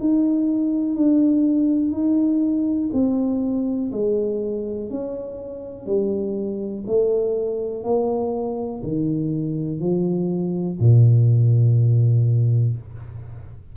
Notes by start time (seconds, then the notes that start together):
0.00 D#4
0.96 D4
1.92 D#4
2.93 C4
3.92 G#3
4.90 C#4
5.86 G3
6.87 A3
7.84 A#3
8.83 D#3
9.80 F3
10.80 A#2